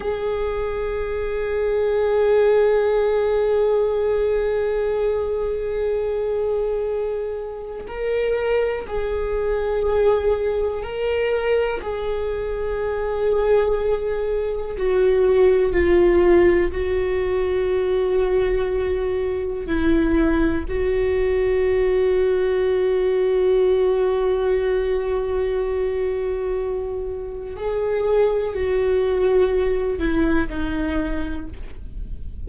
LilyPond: \new Staff \with { instrumentName = "viola" } { \time 4/4 \tempo 4 = 61 gis'1~ | gis'1 | ais'4 gis'2 ais'4 | gis'2. fis'4 |
f'4 fis'2. | e'4 fis'2.~ | fis'1 | gis'4 fis'4. e'8 dis'4 | }